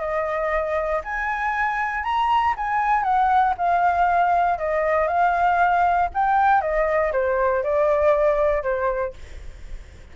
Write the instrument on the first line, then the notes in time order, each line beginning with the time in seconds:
flute
0.00 D#5
1.04 G#5
2.04 A#5
2.57 G#5
3.03 F#5
3.58 F5
4.58 D#5
5.08 F5
6.14 G5
6.61 D#5
7.12 C5
7.63 D5
8.63 C5